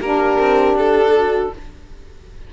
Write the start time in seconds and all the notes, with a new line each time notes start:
0.00 A#3 D4 G4 A#4
0.39 C4
0.74 D4 A4
1.16 F#4